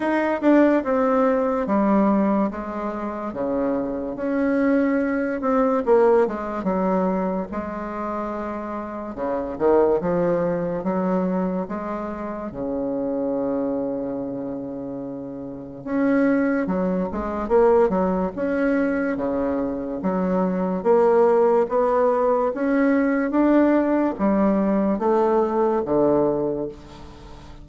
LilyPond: \new Staff \with { instrumentName = "bassoon" } { \time 4/4 \tempo 4 = 72 dis'8 d'8 c'4 g4 gis4 | cis4 cis'4. c'8 ais8 gis8 | fis4 gis2 cis8 dis8 | f4 fis4 gis4 cis4~ |
cis2. cis'4 | fis8 gis8 ais8 fis8 cis'4 cis4 | fis4 ais4 b4 cis'4 | d'4 g4 a4 d4 | }